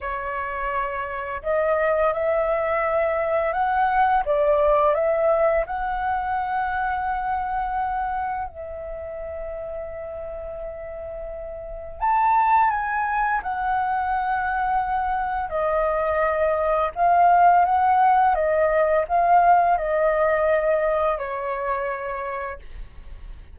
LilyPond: \new Staff \with { instrumentName = "flute" } { \time 4/4 \tempo 4 = 85 cis''2 dis''4 e''4~ | e''4 fis''4 d''4 e''4 | fis''1 | e''1~ |
e''4 a''4 gis''4 fis''4~ | fis''2 dis''2 | f''4 fis''4 dis''4 f''4 | dis''2 cis''2 | }